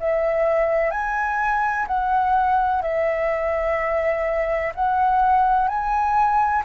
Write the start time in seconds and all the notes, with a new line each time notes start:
0.00 E5
0.91 G#5
1.87 F#5
2.82 E5
4.75 F#5
5.68 G#5